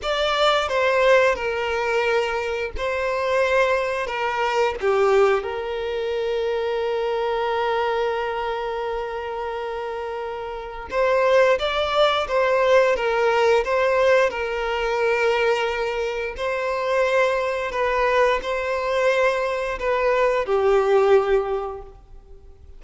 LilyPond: \new Staff \with { instrumentName = "violin" } { \time 4/4 \tempo 4 = 88 d''4 c''4 ais'2 | c''2 ais'4 g'4 | ais'1~ | ais'1 |
c''4 d''4 c''4 ais'4 | c''4 ais'2. | c''2 b'4 c''4~ | c''4 b'4 g'2 | }